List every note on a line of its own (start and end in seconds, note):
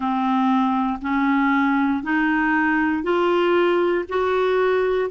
0.00 0.99 C4
1.01 2.03 C#4
2.03 3.03 D#4
3.03 4.04 F4
4.09 5.10 F#4